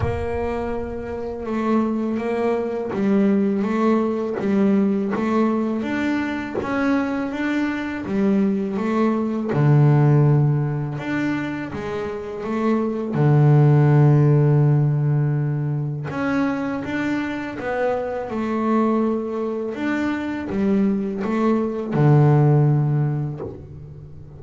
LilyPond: \new Staff \with { instrumentName = "double bass" } { \time 4/4 \tempo 4 = 82 ais2 a4 ais4 | g4 a4 g4 a4 | d'4 cis'4 d'4 g4 | a4 d2 d'4 |
gis4 a4 d2~ | d2 cis'4 d'4 | b4 a2 d'4 | g4 a4 d2 | }